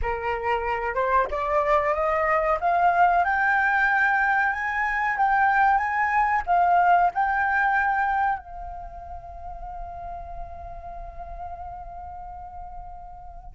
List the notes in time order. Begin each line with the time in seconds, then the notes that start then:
0.02 A#4
0.94 C5
1.30 D5
1.94 D#5
2.60 F5
3.24 G5
4.52 G#5
5.17 G5
5.77 G#5
6.46 F5
7.14 G5
8.39 F5